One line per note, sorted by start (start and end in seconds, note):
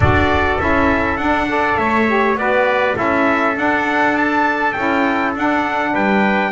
0.00 0.58 D4
0.00 0.59 F#4
0.00 1.48 A4
0.00 0.60 D5
0.59 1.17 C#4
0.59 1.18 E4
0.59 1.17 E5
1.17 1.76 D4
1.17 1.48 D4
1.17 1.76 F#5
1.48 2.07 A4
1.48 1.79 D5
1.76 2.35 A3
1.76 2.38 C#5
1.76 2.36 E5
2.07 2.37 G4
2.35 2.94 B3
2.35 2.93 F#4
2.35 2.95 B4
2.35 2.97 D5
2.93 3.56 C#4
2.93 3.53 E4
2.93 5.92 A4
2.93 3.57 E5
3.56 4.75 D4
3.56 4.16 F#5
4.16 4.72 A5
4.72 5.35 C#4
4.72 5.35 E4
4.72 5.32 G5
5.35 5.95 D4
5.35 6.52 D4
5.35 5.95 F#5
5.93 6.52 G3
5.93 6.52 B4
5.93 6.52 G5